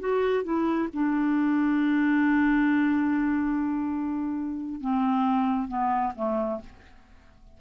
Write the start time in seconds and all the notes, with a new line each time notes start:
0.00 F#4
0.44 E4
0.93 D4
4.81 C4
5.68 B3
6.16 A3